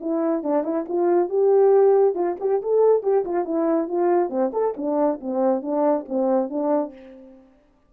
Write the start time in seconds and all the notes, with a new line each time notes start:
0.00 E4
0.43 D4
0.63 E4
0.88 F4
1.29 G4
2.15 F4
2.40 G4
2.62 A4
3.02 G4
3.25 F4
3.45 E4
3.88 F4
4.29 C4
4.52 A4
4.77 D4
5.20 C4
5.62 D4
6.08 C4
6.49 D4